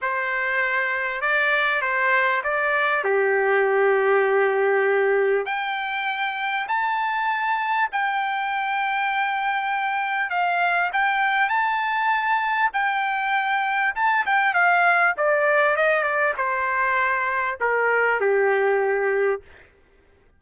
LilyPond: \new Staff \with { instrumentName = "trumpet" } { \time 4/4 \tempo 4 = 99 c''2 d''4 c''4 | d''4 g'2.~ | g'4 g''2 a''4~ | a''4 g''2.~ |
g''4 f''4 g''4 a''4~ | a''4 g''2 a''8 g''8 | f''4 d''4 dis''8 d''8 c''4~ | c''4 ais'4 g'2 | }